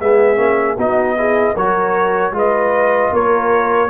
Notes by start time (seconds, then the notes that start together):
0.00 G#3 B3 G#4 E5
0.36 A#3 C#4
0.77 B3 D#4 F#4 D#5
1.17 E4 G#4
1.54 F#3 F#4 A#4 C#5
2.32 G#3 F4 B4
2.38 D#5
3.12 A#3 A#4 C#5